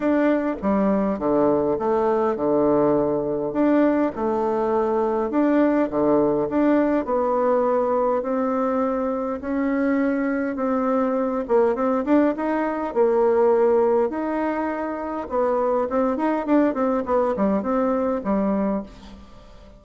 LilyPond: \new Staff \with { instrumentName = "bassoon" } { \time 4/4 \tempo 4 = 102 d'4 g4 d4 a4 | d2 d'4 a4~ | a4 d'4 d4 d'4 | b2 c'2 |
cis'2 c'4. ais8 | c'8 d'8 dis'4 ais2 | dis'2 b4 c'8 dis'8 | d'8 c'8 b8 g8 c'4 g4 | }